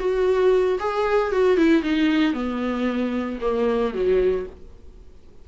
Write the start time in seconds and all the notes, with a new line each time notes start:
0.00 F#4
0.80 G#4
1.32 F#4
1.57 E4
1.83 D#4
2.34 B3
3.41 A#3
3.94 F#3